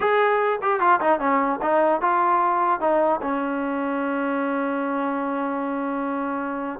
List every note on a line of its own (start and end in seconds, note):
0.00 0.59 G#4
0.62 0.79 G4
0.79 0.99 F4
1.00 1.19 D#4
1.19 1.59 C#4
1.62 2.01 D#4
2.01 2.80 F4
2.80 3.20 D#4
3.21 6.79 C#4